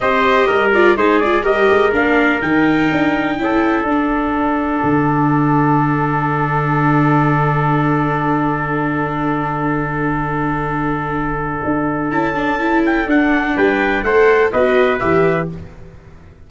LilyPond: <<
  \new Staff \with { instrumentName = "trumpet" } { \time 4/4 \tempo 4 = 124 dis''4. d''8 c''8 d''8 dis''4 | f''4 g''2. | fis''1~ | fis''1~ |
fis''1~ | fis''1~ | fis''4 a''4. g''8 fis''4 | g''4 fis''4 dis''4 e''4 | }
  \new Staff \with { instrumentName = "trumpet" } { \time 4/4 c''4 ais'4 gis'4 ais'4~ | ais'2. a'4~ | a'1~ | a'1~ |
a'1~ | a'1~ | a'1 | b'4 c''4 b'2 | }
  \new Staff \with { instrumentName = "viola" } { \time 4/4 g'4. f'8 dis'8 f'8 g'4 | d'4 dis'2 e'4 | d'1~ | d'1~ |
d'1~ | d'1~ | d'4 e'8 d'8 e'4 d'4~ | d'4 a'4 fis'4 g'4 | }
  \new Staff \with { instrumentName = "tuba" } { \time 4/4 c'4 g4 gis4 g8 gis8 | ais4 dis4 d'4 cis'4 | d'2 d2~ | d1~ |
d1~ | d1 | d'4 cis'2 d'4 | g4 a4 b4 e4 | }
>>